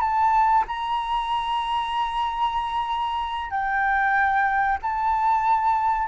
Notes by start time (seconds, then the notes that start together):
0.00 A5
0.67 A#5
3.50 G5
4.82 A5